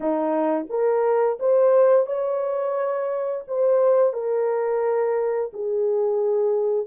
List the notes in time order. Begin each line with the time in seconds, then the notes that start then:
0.00 D#4
0.69 A#4
1.39 C5
2.06 C#5
3.47 C5
4.13 A#4
5.53 G#4